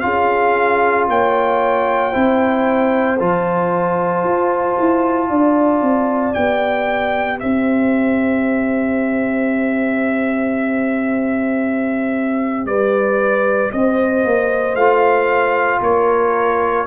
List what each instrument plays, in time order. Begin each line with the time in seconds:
0.00 tuba C#4, trombone F4, horn G#4, trumpet F5
1.08 tuba A#3, horn C#5, trumpet G5
2.12 tuba C4, trombone E4, horn C5
3.19 tuba F3, trombone F4, trumpet A5
4.23 tuba F4
4.79 tuba E4
5.29 tuba D4, horn D5
5.82 tuba C4
6.33 tuba B3, trombone G4, trumpet G5
7.40 tuba C4, horn C5, trumpet E5
12.65 tuba G3, horn B4, trumpet D5
13.72 tuba C4, horn C5, trumpet D#5
14.24 tuba A#3
14.75 tuba A3, trombone F4, trumpet F5
15.81 tuba A#3, horn A#4, trumpet C#5